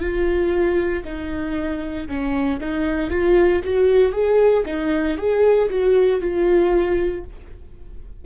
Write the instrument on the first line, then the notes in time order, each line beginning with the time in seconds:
viola
0.00 F4
1.04 D#4
2.08 C#4
2.60 D#4
3.10 F4
3.64 F#4
4.12 G#4
4.66 D#4
5.17 G#4
5.69 F#4
6.21 F4